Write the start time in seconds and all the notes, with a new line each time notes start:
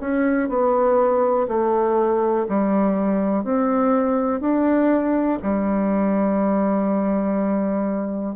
0.00 C#4
0.49 B3
1.48 A3
2.48 G3
3.44 C4
4.40 D4
5.42 G3